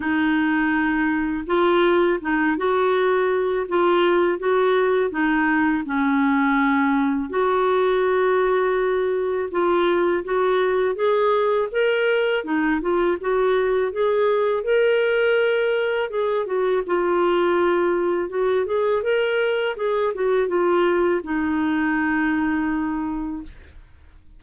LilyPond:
\new Staff \with { instrumentName = "clarinet" } { \time 4/4 \tempo 4 = 82 dis'2 f'4 dis'8 fis'8~ | fis'4 f'4 fis'4 dis'4 | cis'2 fis'2~ | fis'4 f'4 fis'4 gis'4 |
ais'4 dis'8 f'8 fis'4 gis'4 | ais'2 gis'8 fis'8 f'4~ | f'4 fis'8 gis'8 ais'4 gis'8 fis'8 | f'4 dis'2. | }